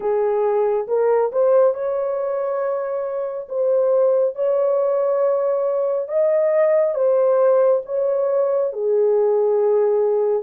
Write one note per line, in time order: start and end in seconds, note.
0.00 0.87 G#4
0.87 1.31 A#4
1.32 1.74 C5
1.74 3.47 C#5
3.49 4.35 C5
4.35 6.08 C#5
6.08 6.94 D#5
6.94 7.81 C5
7.85 8.72 C#5
8.72 10.42 G#4